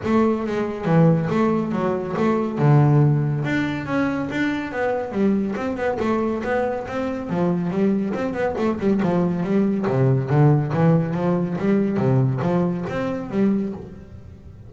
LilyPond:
\new Staff \with { instrumentName = "double bass" } { \time 4/4 \tempo 4 = 140 a4 gis4 e4 a4 | fis4 a4 d2 | d'4 cis'4 d'4 b4 | g4 c'8 b8 a4 b4 |
c'4 f4 g4 c'8 b8 | a8 g8 f4 g4 c4 | d4 e4 f4 g4 | c4 f4 c'4 g4 | }